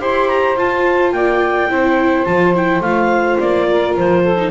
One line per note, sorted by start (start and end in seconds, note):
0.00 0.56 E4
0.00 0.57 G4
0.00 1.14 C5
0.00 0.29 C6
0.29 0.57 A#5
0.56 1.12 F4
0.56 1.69 F4
0.56 1.12 A5
1.12 1.69 A#3
1.12 1.70 D5
1.12 2.25 G5
1.69 2.26 C4
1.69 2.26 E4
1.69 3.68 C5
2.25 2.81 F3
2.25 2.54 F4
2.25 2.53 A5
2.55 2.83 E4
2.55 2.82 G5
2.81 3.37 A3
2.81 4.37 F4
2.81 3.38 F5
3.39 3.97 A#3
3.39 3.95 D5
3.69 4.23 A#4
3.97 4.51 F3
3.97 4.51 C5
4.23 4.51 A4
4.37 4.51 D#4